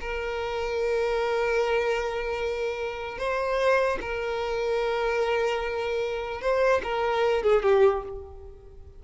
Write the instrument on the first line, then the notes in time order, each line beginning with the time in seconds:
violin
0.00 A#4
3.18 C5
4.01 A#4
6.41 C5
6.83 A#4
7.43 G#4
7.62 G4